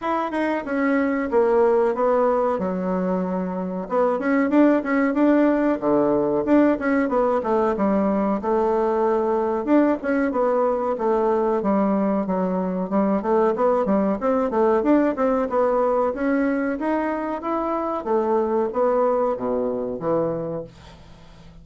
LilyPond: \new Staff \with { instrumentName = "bassoon" } { \time 4/4 \tempo 4 = 93 e'8 dis'8 cis'4 ais4 b4 | fis2 b8 cis'8 d'8 cis'8 | d'4 d4 d'8 cis'8 b8 a8 | g4 a2 d'8 cis'8 |
b4 a4 g4 fis4 | g8 a8 b8 g8 c'8 a8 d'8 c'8 | b4 cis'4 dis'4 e'4 | a4 b4 b,4 e4 | }